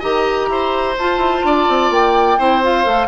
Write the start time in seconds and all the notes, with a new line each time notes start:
0.00 D#3 G4 D#5 A#5
0.48 E4 C5
0.99 F4 A5
1.17 E4
1.44 D4 D5
1.69 C4
1.91 A#3 G5
2.39 C4 E4 C5
2.63 F4 F5
2.85 A3 A4